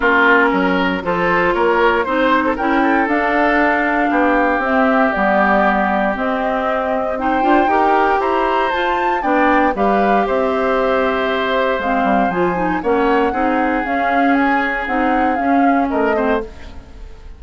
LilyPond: <<
  \new Staff \with { instrumentName = "flute" } { \time 4/4 \tempo 4 = 117 ais'2 c''4 cis''4 | c''4 g''4 f''2~ | f''4 e''4 d''2 | dis''2 g''2 |
ais''4 a''4 g''4 f''4 | e''2. f''4 | gis''4 fis''2 f''4 | gis''4 fis''4 f''4 dis''4 | }
  \new Staff \with { instrumentName = "oboe" } { \time 4/4 f'4 ais'4 a'4 ais'4 | c''8. a'16 ais'8 a'2~ a'8 | g'1~ | g'2 c''4 ais'4 |
c''2 d''4 b'4 | c''1~ | c''4 cis''4 gis'2~ | gis'2. ais'8 c''8 | }
  \new Staff \with { instrumentName = "clarinet" } { \time 4/4 cis'2 f'2 | dis'4 e'4 d'2~ | d'4 c'4 b2 | c'2 dis'8 f'8 g'4~ |
g'4 f'4 d'4 g'4~ | g'2. c'4 | f'8 dis'8 cis'4 dis'4 cis'4~ | cis'4 dis'4 cis'4. c'8 | }
  \new Staff \with { instrumentName = "bassoon" } { \time 4/4 ais4 fis4 f4 ais4 | c'4 cis'4 d'2 | b4 c'4 g2 | c'2~ c'8 d'8 dis'4 |
e'4 f'4 b4 g4 | c'2. gis8 g8 | f4 ais4 c'4 cis'4~ | cis'4 c'4 cis'4 a4 | }
>>